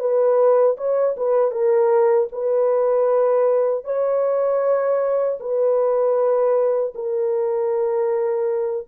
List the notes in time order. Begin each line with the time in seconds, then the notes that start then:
0.00 B4
0.77 C#5
1.17 B4
1.51 A#4
2.32 B4
3.85 C#5
5.40 B4
6.95 A#4